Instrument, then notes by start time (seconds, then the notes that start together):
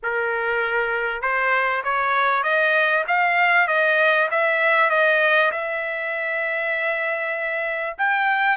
trumpet
0.03 A#4
1.21 C5
1.84 C#5
2.43 D#5
3.08 F5
3.67 D#5
4.30 E5
4.90 D#5
5.51 E5
7.98 G5